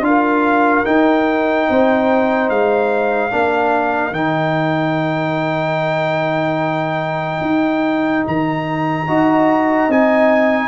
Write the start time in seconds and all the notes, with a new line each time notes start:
0.00 D4 F4 F5
0.07 A#4
0.84 D#4 G5
1.69 C4 C5
2.49 G#3 F5
3.30 A#3 D4 A#4
4.11 D#3 D#4 G5
7.41 D#4
8.27 D#3 A#5
9.07 D#4 F#4 D#5
9.88 C4 D#4 G#5